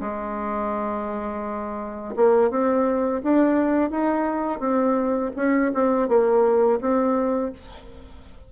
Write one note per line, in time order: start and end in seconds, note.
0.00 2.14 G#3
2.16 2.50 A#3
2.50 3.21 C4
3.23 3.90 D4
3.90 4.59 D#4
4.59 5.31 C4
5.36 5.71 C#4
5.73 6.08 C4
6.08 6.80 A#3
6.80 7.52 C4